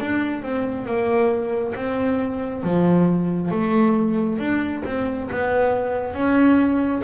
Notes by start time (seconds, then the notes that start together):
0.00 D4
0.42 C4
0.85 A#3
1.75 C4
2.63 F3
3.51 A3
4.38 D4
4.85 C4
5.31 B3
6.14 C#4